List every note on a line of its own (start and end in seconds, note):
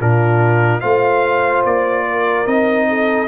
0.00 0.82 A#2
0.00 0.82 D4
0.00 0.81 F4
0.00 0.80 A#4
0.80 1.65 A3
0.80 2.46 F4
0.80 2.04 C5
0.80 1.62 F5
1.65 2.47 A#3
1.65 2.47 D5
2.05 2.87 A#4
2.46 3.28 C4
2.46 3.28 D#4
2.46 3.28 D#5
2.89 3.28 A4